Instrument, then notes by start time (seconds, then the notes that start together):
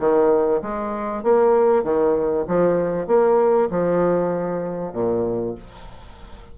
bassoon
0.00 D#3
0.62 G#3
1.24 A#3
1.84 D#3
2.48 F3
3.08 A#3
3.71 F3
4.93 A#2